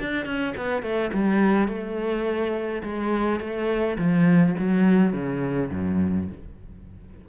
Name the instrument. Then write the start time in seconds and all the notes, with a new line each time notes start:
cello
0.00 D4
0.26 C#4
0.57 B3
0.83 A3
1.14 G3
1.69 A3
2.83 G#3
3.40 A3
3.98 F3
4.59 F#3
5.13 C#3
5.71 F#2